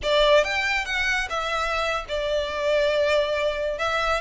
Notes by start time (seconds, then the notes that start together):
0.02 D5
0.44 G5
0.85 F#5
1.29 E5
2.08 D5
3.78 E5